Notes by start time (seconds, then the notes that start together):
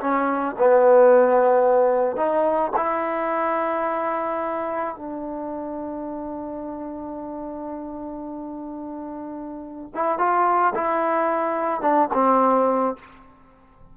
0.00 C#4
0.58 B3
2.16 D#4
2.76 E4
4.96 D4
9.94 E4
10.18 F4
10.74 E4
11.81 D4
12.13 C4